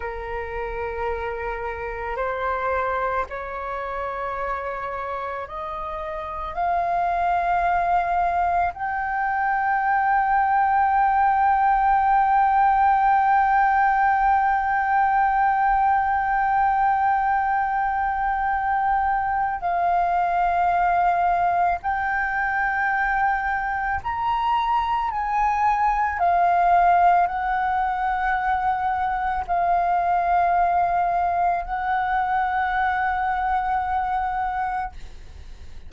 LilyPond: \new Staff \with { instrumentName = "flute" } { \time 4/4 \tempo 4 = 55 ais'2 c''4 cis''4~ | cis''4 dis''4 f''2 | g''1~ | g''1~ |
g''2 f''2 | g''2 ais''4 gis''4 | f''4 fis''2 f''4~ | f''4 fis''2. | }